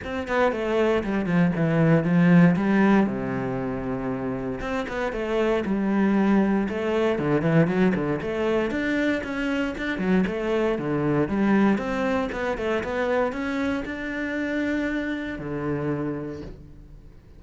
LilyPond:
\new Staff \with { instrumentName = "cello" } { \time 4/4 \tempo 4 = 117 c'8 b8 a4 g8 f8 e4 | f4 g4 c2~ | c4 c'8 b8 a4 g4~ | g4 a4 d8 e8 fis8 d8 |
a4 d'4 cis'4 d'8 fis8 | a4 d4 g4 c'4 | b8 a8 b4 cis'4 d'4~ | d'2 d2 | }